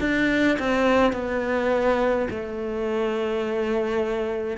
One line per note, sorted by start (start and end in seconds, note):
0.00 0.58 D4
0.59 1.12 C4
1.12 2.28 B3
2.30 4.57 A3